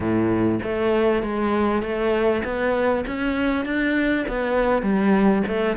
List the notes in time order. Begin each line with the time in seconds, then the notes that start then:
0.00 A2
0.63 A3
1.22 G#3
1.82 A3
2.44 B3
3.06 C#4
3.65 D4
4.28 B3
4.82 G3
5.47 A3